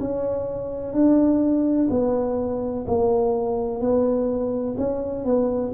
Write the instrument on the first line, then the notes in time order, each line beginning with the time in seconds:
tuba
0.00 C#4
0.93 D4
1.90 B3
2.87 A#3
3.81 B3
4.77 C#4
5.25 B3